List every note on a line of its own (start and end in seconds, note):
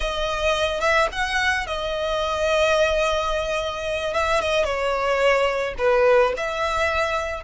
0.00 0.80 D#5
0.80 1.08 E5
1.12 1.66 F#5
1.66 4.13 D#5
4.13 4.40 E5
4.40 4.64 D#5
4.64 5.74 C#5
5.78 6.33 B4
6.36 7.43 E5